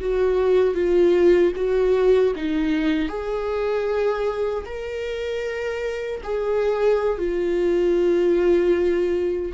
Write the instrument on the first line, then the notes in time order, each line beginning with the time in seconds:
viola
0.00 F#4
0.74 F4
1.55 F#4
2.36 D#4
3.09 G#4
4.65 A#4
6.23 G#4
7.18 F4